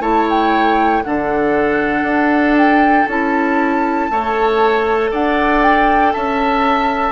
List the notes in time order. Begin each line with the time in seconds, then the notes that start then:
0.00 A3 E4 C#5 A5
0.30 G5
1.04 D3 D4 A4 F#5
2.03 D4
2.57 G5
3.08 C#4 E4 A5
4.10 A3 A4 C#5
5.11 D4 D5 F#5
5.62 G5
6.13 C#4 E5 A5